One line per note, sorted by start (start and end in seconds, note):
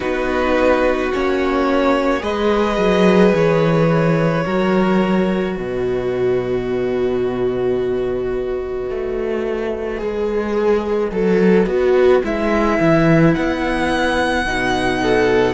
0.00 1.12 B3
0.00 1.11 D#4
0.00 2.21 F#4
0.00 1.12 B4
1.12 2.22 A#3
1.12 2.19 C#4
1.12 2.22 C#5
2.19 2.77 G#3
2.19 4.41 G#4
2.19 4.44 B4
2.19 3.33 D#5
2.77 3.33 F#3
3.34 4.45 E3
3.34 5.56 C#5
4.45 5.57 F#3
4.45 9.97 F#4
4.45 5.55 A#4
5.55 8.90 B2
5.55 15.00 B4
5.55 12.22 D#5
8.90 10.01 A3
9.97 11.11 G#3
9.97 11.08 G#4
11.11 11.66 F#3
11.11 11.67 A4
11.66 12.22 B3
11.66 12.22 F#4
12.23 12.79 G#3
12.23 14.45 E4
12.23 13.33 E5
12.80 13.35 E3
13.33 14.45 B3
13.33 15.54 F#5
14.45 15.54 B2
14.45 15.54 D#4
15.02 15.54 A4